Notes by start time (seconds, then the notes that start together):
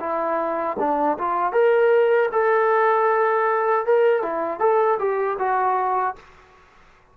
0.00 E4
0.79 D4
1.18 F4
1.52 A#4
2.32 A4
3.86 A#4
4.23 E4
4.60 A4
4.99 G4
5.39 F#4